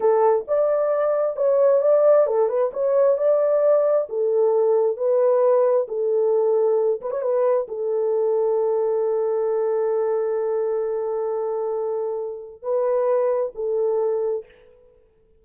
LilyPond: \new Staff \with { instrumentName = "horn" } { \time 4/4 \tempo 4 = 133 a'4 d''2 cis''4 | d''4 a'8 b'8 cis''4 d''4~ | d''4 a'2 b'4~ | b'4 a'2~ a'8 b'16 cis''16 |
b'4 a'2.~ | a'1~ | a'1 | b'2 a'2 | }